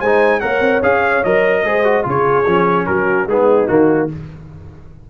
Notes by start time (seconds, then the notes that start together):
0.00 G#3 D#4 C5 G#5
0.40 A#3 A#4 C#5 F#5
0.60 C4
0.82 C#4 G#4 F5
1.24 F#3 A#4 D#5
1.64 G#3 G#4 C5
1.84 F#4
2.03 C#3 F4 G#4
2.09 C#5
2.47 F3 C#4
2.86 F#3 F#4 A#4
3.27 G#3 B3 D#4 G#4
3.68 D#3 A#3 F#4